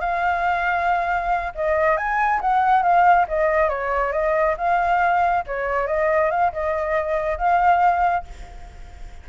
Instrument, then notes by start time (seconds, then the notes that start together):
flute
0.00 F5
1.55 D#5
1.97 G#5
2.41 F#5
2.82 F5
3.28 D#5
3.69 C#5
4.12 D#5
4.57 F5
5.46 C#5
5.87 D#5
6.30 F5
6.53 D#5
7.38 F5